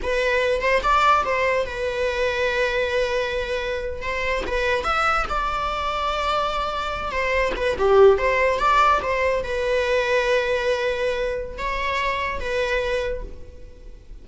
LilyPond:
\new Staff \with { instrumentName = "viola" } { \time 4/4 \tempo 4 = 145 b'4. c''8 d''4 c''4 | b'1~ | b'4.~ b'16 c''4 b'4 e''16~ | e''8. d''2.~ d''16~ |
d''4~ d''16 c''4 b'8 g'4 c''16~ | c''8. d''4 c''4 b'4~ b'16~ | b'1 | cis''2 b'2 | }